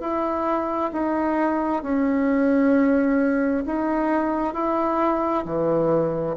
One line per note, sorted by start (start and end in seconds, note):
0.00 0.91 E4
0.93 1.82 D#4
1.82 3.64 C#4
3.65 4.53 D#4
4.53 5.44 E4
5.45 6.36 E3